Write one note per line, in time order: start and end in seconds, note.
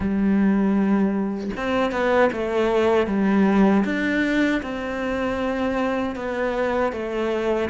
0.00 1.50 G3
1.57 1.91 C4
1.91 2.29 B3
2.32 3.07 A3
3.07 3.84 G3
3.84 4.61 D4
4.62 6.15 C4
6.15 6.92 B3
6.92 7.69 A3